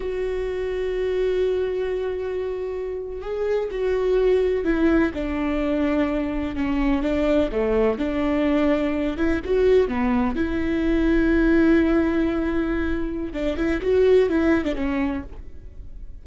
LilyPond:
\new Staff \with { instrumentName = "viola" } { \time 4/4 \tempo 4 = 126 fis'1~ | fis'2~ fis'8. gis'4 fis'16~ | fis'4.~ fis'16 e'4 d'4~ d'16~ | d'4.~ d'16 cis'4 d'4 a16~ |
a8. d'2~ d'8 e'8 fis'16~ | fis'8. b4 e'2~ e'16~ | e'1 | d'8 e'8 fis'4 e'8. d'16 cis'4 | }